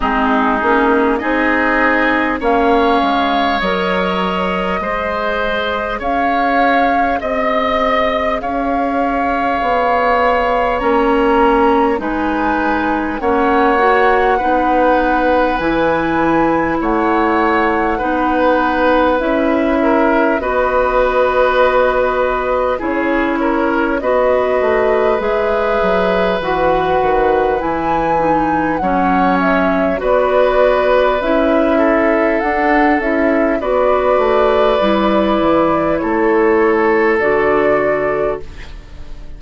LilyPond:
<<
  \new Staff \with { instrumentName = "flute" } { \time 4/4 \tempo 4 = 50 gis'4 dis''4 f''4 dis''4~ | dis''4 f''4 dis''4 f''4~ | f''4 ais''4 gis''4 fis''4~ | fis''4 gis''4 fis''2 |
e''4 dis''2 cis''4 | dis''4 e''4 fis''4 gis''4 | fis''8 e''8 d''4 e''4 fis''8 e''8 | d''2 cis''4 d''4 | }
  \new Staff \with { instrumentName = "oboe" } { \time 4/4 dis'4 gis'4 cis''2 | c''4 cis''4 dis''4 cis''4~ | cis''2 b'4 cis''4 | b'2 cis''4 b'4~ |
b'8 ais'8 b'2 gis'8 ais'8 | b'1 | cis''4 b'4. a'4. | b'2 a'2 | }
  \new Staff \with { instrumentName = "clarinet" } { \time 4/4 c'8 cis'8 dis'4 cis'4 ais'4 | gis'1~ | gis'4 cis'4 dis'4 cis'8 fis'8 | dis'4 e'2 dis'4 |
e'4 fis'2 e'4 | fis'4 gis'4 fis'4 e'8 dis'8 | cis'4 fis'4 e'4 d'8 e'8 | fis'4 e'2 fis'4 | }
  \new Staff \with { instrumentName = "bassoon" } { \time 4/4 gis8 ais8 c'4 ais8 gis8 fis4 | gis4 cis'4 c'4 cis'4 | b4 ais4 gis4 ais4 | b4 e4 a4 b4 |
cis'4 b2 cis'4 | b8 a8 gis8 fis8 e8 dis8 e4 | fis4 b4 cis'4 d'8 cis'8 | b8 a8 g8 e8 a4 d4 | }
>>